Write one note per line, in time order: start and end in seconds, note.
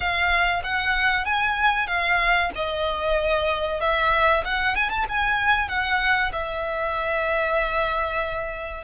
0.00 0.62 F5
0.63 1.25 F#5
1.25 1.87 G#5
1.87 2.50 F5
2.55 3.80 D#5
3.80 4.43 E5
4.44 4.75 F#5
4.75 4.89 G#5
4.89 5.05 A5
5.08 5.68 G#5
5.68 6.31 F#5
6.32 8.84 E5